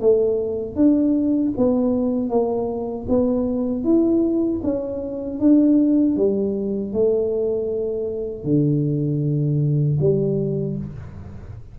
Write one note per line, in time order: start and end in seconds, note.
0.00 0.76 A3
0.76 1.52 D4
1.57 2.29 B3
2.29 3.06 A#3
3.08 3.84 B3
3.84 4.60 E4
4.63 5.40 C#4
5.40 6.16 D4
6.16 6.92 G3
6.92 8.44 A3
8.44 9.98 D3
10.00 10.77 G3